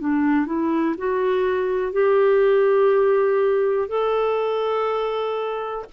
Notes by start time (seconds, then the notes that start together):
0.00 D4
0.46 E4
0.98 F#4
1.92 G4
3.89 A4